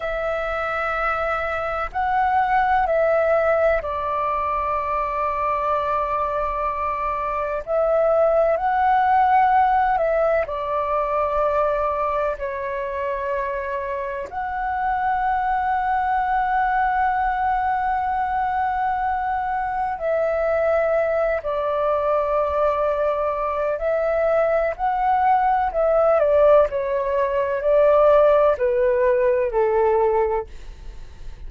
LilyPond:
\new Staff \with { instrumentName = "flute" } { \time 4/4 \tempo 4 = 63 e''2 fis''4 e''4 | d''1 | e''4 fis''4. e''8 d''4~ | d''4 cis''2 fis''4~ |
fis''1~ | fis''4 e''4. d''4.~ | d''4 e''4 fis''4 e''8 d''8 | cis''4 d''4 b'4 a'4 | }